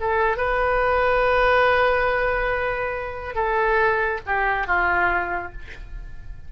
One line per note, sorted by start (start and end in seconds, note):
0.00 0.37 A4
0.37 3.35 B4
3.35 4.20 A4
4.26 4.67 G4
4.67 5.52 F4